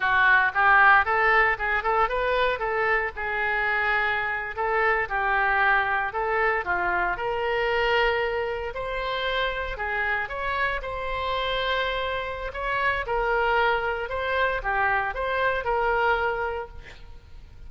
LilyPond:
\new Staff \with { instrumentName = "oboe" } { \time 4/4 \tempo 4 = 115 fis'4 g'4 a'4 gis'8 a'8 | b'4 a'4 gis'2~ | gis'8. a'4 g'2 a'16~ | a'8. f'4 ais'2~ ais'16~ |
ais'8. c''2 gis'4 cis''16~ | cis''8. c''2.~ c''16 | cis''4 ais'2 c''4 | g'4 c''4 ais'2 | }